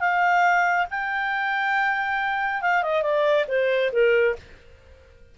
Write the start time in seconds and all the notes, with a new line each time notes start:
0.00 F5
0.91 G5
2.62 F5
2.83 D#5
3.02 D5
3.48 C5
3.93 A#4